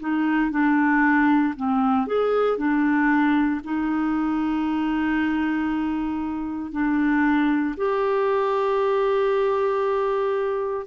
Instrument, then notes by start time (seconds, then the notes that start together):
clarinet
0.00 D#4
0.50 D4
1.56 C4
2.07 G#4
2.57 D4
3.64 D#4
6.72 D4
7.77 G4